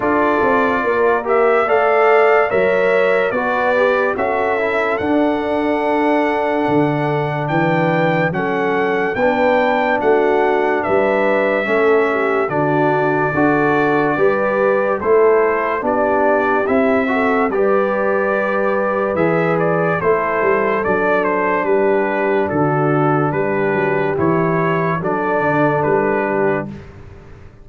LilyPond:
<<
  \new Staff \with { instrumentName = "trumpet" } { \time 4/4 \tempo 4 = 72 d''4. e''8 f''4 e''4 | d''4 e''4 fis''2~ | fis''4 g''4 fis''4 g''4 | fis''4 e''2 d''4~ |
d''2 c''4 d''4 | e''4 d''2 e''8 d''8 | c''4 d''8 c''8 b'4 a'4 | b'4 cis''4 d''4 b'4 | }
  \new Staff \with { instrumentName = "horn" } { \time 4/4 a'4 ais'4 d''4 cis''4 | b'4 a'2.~ | a'4 b'4 a'4 b'4 | fis'4 b'4 a'8 g'8 fis'4 |
a'4 b'4 a'4 g'4~ | g'8 a'8 b'2. | a'2 g'4 fis'4 | g'2 a'4. g'8 | }
  \new Staff \with { instrumentName = "trombone" } { \time 4/4 f'4. g'8 a'4 ais'4 | fis'8 g'8 fis'8 e'8 d'2~ | d'2 cis'4 d'4~ | d'2 cis'4 d'4 |
fis'4 g'4 e'4 d'4 | e'8 fis'8 g'2 gis'4 | e'4 d'2.~ | d'4 e'4 d'2 | }
  \new Staff \with { instrumentName = "tuba" } { \time 4/4 d'8 c'8 ais4 a4 fis4 | b4 cis'4 d'2 | d4 e4 fis4 b4 | a4 g4 a4 d4 |
d'4 g4 a4 b4 | c'4 g2 e4 | a8 g8 fis4 g4 d4 | g8 fis8 e4 fis8 d8 g4 | }
>>